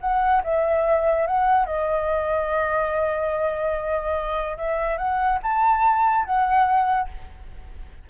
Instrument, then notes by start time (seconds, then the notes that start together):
flute
0.00 F#5
0.43 E5
1.26 F#5
1.66 D#5
4.57 E5
4.97 F#5
5.43 A5
6.25 F#5